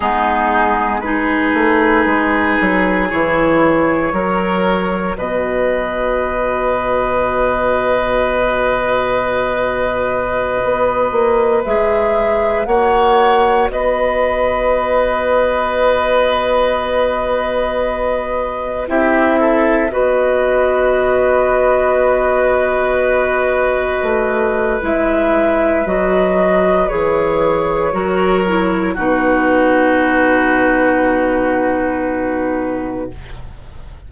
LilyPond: <<
  \new Staff \with { instrumentName = "flute" } { \time 4/4 \tempo 4 = 58 gis'4 b'2 cis''4~ | cis''4 dis''2.~ | dis''2.~ dis''16 e''8.~ | e''16 fis''4 dis''2~ dis''8.~ |
dis''2~ dis''16 e''4 dis''8.~ | dis''1 | e''4 dis''4 cis''2 | b'1 | }
  \new Staff \with { instrumentName = "oboe" } { \time 4/4 dis'4 gis'2. | ais'4 b'2.~ | b'1~ | b'16 cis''4 b'2~ b'8.~ |
b'2~ b'16 g'8 a'8 b'8.~ | b'1~ | b'2. ais'4 | fis'1 | }
  \new Staff \with { instrumentName = "clarinet" } { \time 4/4 b4 dis'2 e'4 | fis'1~ | fis'2.~ fis'16 gis'8.~ | gis'16 fis'2.~ fis'8.~ |
fis'2~ fis'16 e'4 fis'8.~ | fis'1 | e'4 fis'4 gis'4 fis'8 e'8 | dis'1 | }
  \new Staff \with { instrumentName = "bassoon" } { \time 4/4 gis4. a8 gis8 fis8 e4 | fis4 b,2.~ | b,2~ b,16 b8 ais8 gis8.~ | gis16 ais4 b2~ b8.~ |
b2~ b16 c'4 b8.~ | b2.~ b16 a8. | gis4 fis4 e4 fis4 | b,1 | }
>>